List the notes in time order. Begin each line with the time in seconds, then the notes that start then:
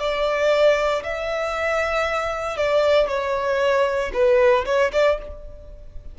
0.00 D5
1.04 E5
2.58 D5
3.08 C#5
4.14 B4
4.66 C#5
4.93 D5